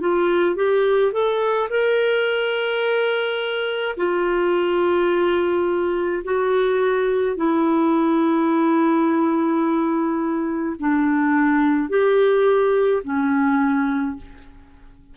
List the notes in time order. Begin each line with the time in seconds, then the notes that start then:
0.00 F4
0.56 G4
1.12 A4
1.70 A#4
3.97 F4
6.24 F#4
7.36 E4
10.79 D4
11.89 G4
13.03 C#4